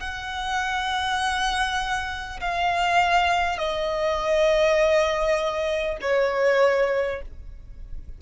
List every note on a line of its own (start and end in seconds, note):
0.00 2.40 F#5
2.41 3.58 F5
3.58 5.98 D#5
6.02 7.22 C#5